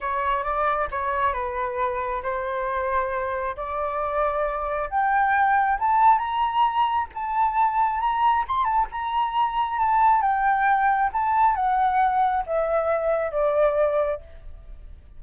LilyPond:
\new Staff \with { instrumentName = "flute" } { \time 4/4 \tempo 4 = 135 cis''4 d''4 cis''4 b'4~ | b'4 c''2. | d''2. g''4~ | g''4 a''4 ais''2 |
a''2 ais''4 c'''8 a''8 | ais''2 a''4 g''4~ | g''4 a''4 fis''2 | e''2 d''2 | }